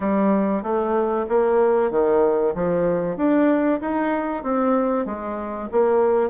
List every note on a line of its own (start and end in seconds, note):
0.00 0.63 G3
0.63 1.26 A3
1.28 1.91 A#3
1.91 2.54 D#3
2.54 3.16 F3
3.16 3.80 D4
3.81 4.43 D#4
4.43 5.05 C4
5.05 5.68 G#3
5.71 6.30 A#3